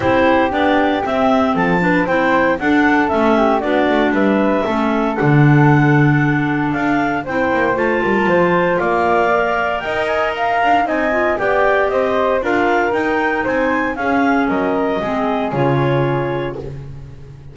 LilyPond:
<<
  \new Staff \with { instrumentName = "clarinet" } { \time 4/4 \tempo 4 = 116 c''4 d''4 e''4 a''4 | g''4 fis''4 e''4 d''4 | e''2 fis''2~ | fis''4 f''4 g''4 a''4~ |
a''4 f''2 g''8 gis''8 | ais''4 gis''4 g''4 dis''4 | f''4 g''4 gis''4 f''4 | dis''2 cis''2 | }
  \new Staff \with { instrumentName = "flute" } { \time 4/4 g'2. a'8 b'8 | c''4 a'4. g'8 fis'4 | b'4 a'2.~ | a'2 c''4. ais'8 |
c''4 d''2 dis''4 | f''4 dis''4 d''4 c''4 | ais'2 c''4 gis'4 | ais'4 gis'2. | }
  \new Staff \with { instrumentName = "clarinet" } { \time 4/4 e'4 d'4 c'4. d'8 | e'4 d'4 cis'4 d'4~ | d'4 cis'4 d'2~ | d'2 e'4 f'4~ |
f'2 ais'2~ | ais'4 dis'8 f'8 g'2 | f'4 dis'2 cis'4~ | cis'4 c'4 f'2 | }
  \new Staff \with { instrumentName = "double bass" } { \time 4/4 c'4 b4 c'4 f4 | c'4 d'4 a4 b8 a8 | g4 a4 d2~ | d4 d'4 c'8 ais8 a8 g8 |
f4 ais2 dis'4~ | dis'8 d'8 c'4 b4 c'4 | d'4 dis'4 c'4 cis'4 | fis4 gis4 cis2 | }
>>